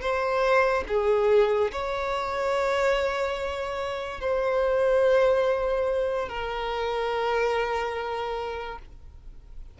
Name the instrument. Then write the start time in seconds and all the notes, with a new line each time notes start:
violin
0.00 C5
0.87 G#4
1.71 C#5
4.20 C5
6.28 A#4